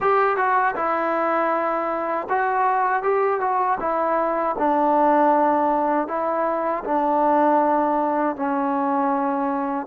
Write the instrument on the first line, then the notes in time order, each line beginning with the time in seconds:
trombone
0.00 G4
0.36 F#4
0.75 E4
2.29 F#4
3.02 G4
3.40 F#4
3.79 E4
4.58 D4
6.07 E4
6.84 D4
8.35 C#4